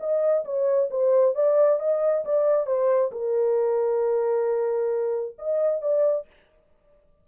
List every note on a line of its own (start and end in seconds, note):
0.00 0.45 D#5
0.45 0.90 C#5
0.91 1.35 C5
1.35 1.80 D5
1.80 2.25 D#5
2.25 2.67 D5
2.67 3.11 C5
3.12 5.36 A#4
5.39 5.82 D#5
5.82 6.27 D5